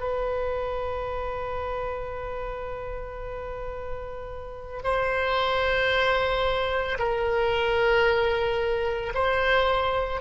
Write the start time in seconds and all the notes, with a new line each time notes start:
0.00 B4
4.84 C5
6.99 A#4
9.15 C5